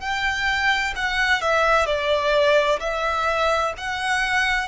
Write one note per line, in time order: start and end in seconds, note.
0.00 0.94 G5
0.96 1.41 F#5
1.41 1.86 E5
1.86 2.80 D5
2.80 3.73 E5
3.78 4.68 F#5